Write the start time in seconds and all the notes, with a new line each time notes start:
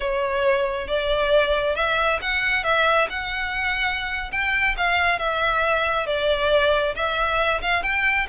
0.00 C#5
0.87 D5
1.75 E5
2.21 F#5
2.63 E5
3.09 F#5
4.31 G5
4.77 F5
5.18 E5
6.06 D5
6.95 E5
7.61 F5
7.82 G5